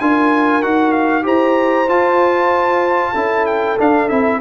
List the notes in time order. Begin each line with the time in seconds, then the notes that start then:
0.00 D4 F4 A#4 G#5
0.62 D#4 F#4 F#5
0.92 F5
1.23 E4 G4 C5 A#5
1.89 F4 A5
3.12 C#4 E4 A4
3.46 G5
3.79 D4 F5
4.09 C4 E4 E5